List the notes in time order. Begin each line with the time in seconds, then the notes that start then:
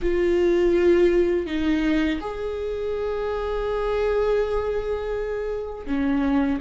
0.02 F4
1.46 D#4
2.20 G#4
5.86 C#4